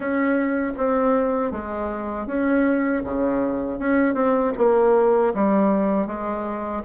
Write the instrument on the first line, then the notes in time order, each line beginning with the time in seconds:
bassoon
0.00 C#4
0.77 C4
1.51 G#3
2.26 C#4
3.04 C#3
3.79 C#4
4.14 C4
4.57 A#3
5.34 G3
6.06 G#3